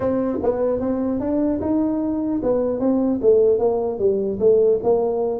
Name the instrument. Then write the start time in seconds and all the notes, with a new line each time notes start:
tuba
0.00 C4
0.42 B3
0.80 C4
1.19 D4
1.61 D#4
2.42 B3
2.79 C4
3.21 A3
3.59 A#3
3.98 G3
4.39 A3
4.83 A#3